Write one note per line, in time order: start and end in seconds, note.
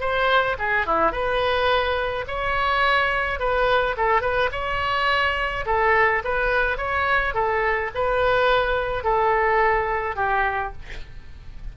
0.00 0.57 C5
0.58 0.86 G#4
0.86 1.11 E4
1.11 2.25 B4
2.27 3.39 C#5
3.39 3.96 B4
3.97 4.21 A4
4.21 4.49 B4
4.52 5.65 C#5
5.66 6.22 A4
6.24 6.77 B4
6.77 7.34 C#5
7.34 7.90 A4
7.94 9.04 B4
9.04 10.16 A4
10.16 10.72 G4